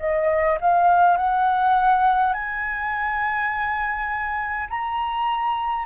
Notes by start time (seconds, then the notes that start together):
0.00 D#5
0.61 F5
1.17 F#5
2.34 G#5
4.70 A#5